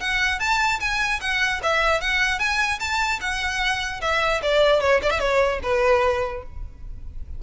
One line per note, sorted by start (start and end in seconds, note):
0.00 0.39 F#5
0.39 0.79 A5
0.80 1.20 G#5
1.21 1.61 F#5
1.63 2.01 E5
2.01 2.39 F#5
2.39 2.79 G#5
2.79 3.19 A5
3.21 4.01 F#5
4.01 4.41 E5
4.43 4.81 D5
4.81 5.01 C#5
5.03 5.10 D5
5.10 5.19 E5
5.19 5.59 C#5
5.63 6.43 B4